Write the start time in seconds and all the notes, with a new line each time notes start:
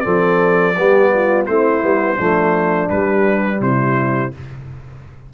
0.00 F3 C4 A4 D5
0.76 G3 B3 G4
1.13 F4
1.46 A3 C4 E4 C5
1.81 G3 B3
2.16 F3 A3 D4
2.89 G3 B4
3.60 C3 E4 C5